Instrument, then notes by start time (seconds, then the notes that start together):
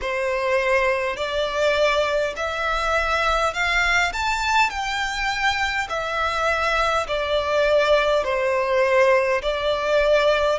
violin
0.01 C5
1.16 D5
2.36 E5
3.53 F5
4.12 A5
4.70 G5
5.89 E5
7.07 D5
8.24 C5
9.42 D5